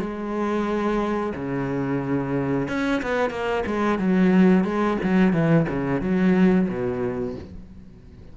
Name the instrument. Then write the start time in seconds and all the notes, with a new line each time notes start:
cello
0.00 G#3
1.36 C#3
2.69 C#4
3.02 B3
3.30 A#3
3.67 G#3
3.99 F#3
4.65 G#3
5.04 F#3
5.33 E3
5.69 C#3
6.02 F#3
6.69 B2